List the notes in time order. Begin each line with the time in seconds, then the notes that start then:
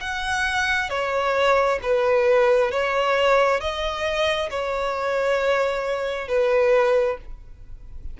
0.00 F#5
0.89 C#5
1.82 B4
2.71 C#5
3.60 D#5
4.50 C#5
6.28 B4